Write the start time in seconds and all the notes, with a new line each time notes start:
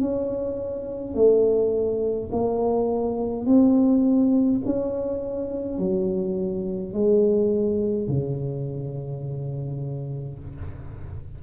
0.00 C#4
1.14 A3
2.32 A#3
3.45 C4
4.65 C#4
5.78 F#3
6.93 G#3
8.08 C#3